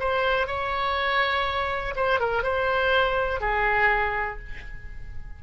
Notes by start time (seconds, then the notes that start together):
0.00 C5
0.47 C#5
1.96 C5
2.20 A#4
2.44 C5
3.41 G#4